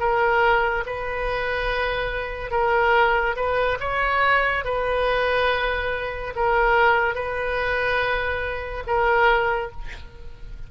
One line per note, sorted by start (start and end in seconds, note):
0.00 0.85 A#4
0.86 2.51 B4
2.51 3.36 A#4
3.36 3.79 B4
3.80 4.65 C#5
4.65 6.34 B4
6.36 7.15 A#4
7.15 8.84 B4
8.87 9.71 A#4